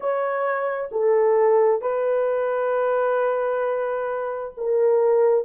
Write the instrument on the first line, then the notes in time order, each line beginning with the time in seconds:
horn
0.00 C#5
0.91 A4
1.81 B4
4.57 A#4